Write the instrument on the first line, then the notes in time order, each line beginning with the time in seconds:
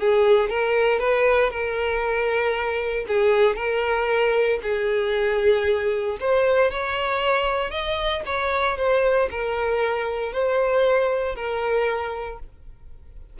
violin
0.00 G#4
0.50 A#4
0.99 B4
1.50 A#4
3.08 G#4
3.56 A#4
4.63 G#4
6.20 C5
6.71 C#5
7.71 D#5
8.26 C#5
8.77 C5
9.31 A#4
10.32 C5
11.35 A#4